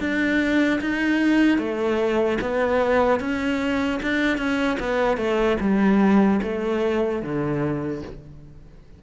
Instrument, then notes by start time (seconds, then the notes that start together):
cello
0.00 D4
0.81 D#4
1.58 A3
2.41 B3
3.20 C#4
4.03 D4
4.38 C#4
4.80 B3
5.17 A3
5.60 G3
6.42 A3
7.22 D3